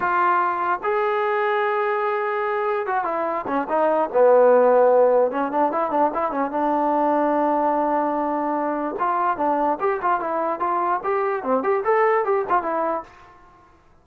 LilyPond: \new Staff \with { instrumentName = "trombone" } { \time 4/4 \tempo 4 = 147 f'2 gis'2~ | gis'2. fis'8 e'8~ | e'8 cis'8 dis'4 b2~ | b4 cis'8 d'8 e'8 d'8 e'8 cis'8 |
d'1~ | d'2 f'4 d'4 | g'8 f'8 e'4 f'4 g'4 | c'8 g'8 a'4 g'8 f'8 e'4 | }